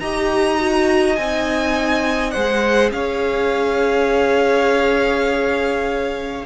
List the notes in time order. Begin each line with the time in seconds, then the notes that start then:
0.00 D#4 G4 D#5 A#5
0.58 F#4
1.16 C4 D#4 G#5
2.31 G#3 G#4 C5 F#5
2.91 C#4 C#5 F5